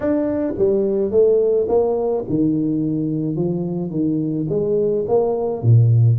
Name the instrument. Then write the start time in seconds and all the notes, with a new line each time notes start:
tuba
0.00 D4
0.58 G3
1.11 A3
1.68 A#3
2.29 D#3
3.35 F3
3.90 D#3
4.49 G#3
5.08 A#3
5.62 A#2